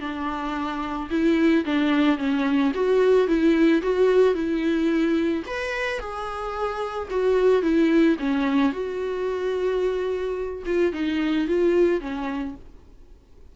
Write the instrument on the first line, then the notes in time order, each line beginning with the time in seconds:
viola
0.00 D4
1.10 E4
1.65 D4
2.17 C#4
2.74 F#4
3.27 E4
3.82 F#4
4.34 E4
5.46 B4
5.99 G#4
7.10 F#4
7.62 E4
8.19 C#4
8.72 F#4
10.66 F4
10.92 D#4
11.47 F4
12.00 C#4